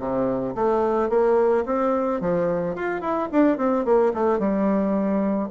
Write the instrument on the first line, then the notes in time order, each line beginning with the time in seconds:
bassoon
0.00 C3
0.56 A3
1.10 A#3
1.66 C4
2.21 F3
2.76 F4
3.01 E4
3.32 D4
3.58 C4
3.86 A#3
4.14 A3
4.39 G3